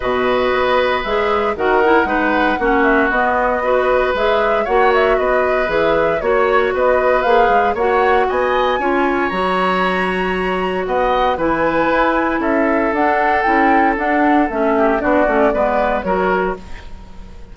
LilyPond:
<<
  \new Staff \with { instrumentName = "flute" } { \time 4/4 \tempo 4 = 116 dis''2 e''4 fis''4~ | fis''4. e''8 dis''2 | e''4 fis''8 e''8 dis''4 e''4 | cis''4 dis''4 f''4 fis''4 |
gis''2 ais''2~ | ais''4 fis''4 gis''2 | e''4 fis''4 g''4 fis''4 | e''4 d''2 cis''4 | }
  \new Staff \with { instrumentName = "oboe" } { \time 4/4 b'2. ais'4 | b'4 fis'2 b'4~ | b'4 cis''4 b'2 | cis''4 b'2 cis''4 |
dis''4 cis''2.~ | cis''4 dis''4 b'2 | a'1~ | a'8 g'8 fis'4 b'4 ais'4 | }
  \new Staff \with { instrumentName = "clarinet" } { \time 4/4 fis'2 gis'4 fis'8 e'8 | dis'4 cis'4 b4 fis'4 | gis'4 fis'2 gis'4 | fis'2 gis'4 fis'4~ |
fis'4 f'4 fis'2~ | fis'2 e'2~ | e'4 d'4 e'4 d'4 | cis'4 d'8 cis'8 b4 fis'4 | }
  \new Staff \with { instrumentName = "bassoon" } { \time 4/4 b,4 b4 gis4 dis4 | gis4 ais4 b2 | gis4 ais4 b4 e4 | ais4 b4 ais8 gis8 ais4 |
b4 cis'4 fis2~ | fis4 b4 e4 e'4 | cis'4 d'4 cis'4 d'4 | a4 b8 a8 gis4 fis4 | }
>>